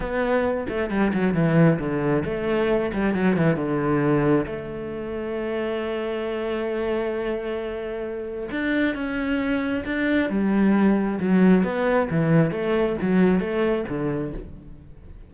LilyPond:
\new Staff \with { instrumentName = "cello" } { \time 4/4 \tempo 4 = 134 b4. a8 g8 fis8 e4 | d4 a4. g8 fis8 e8 | d2 a2~ | a1~ |
a2. d'4 | cis'2 d'4 g4~ | g4 fis4 b4 e4 | a4 fis4 a4 d4 | }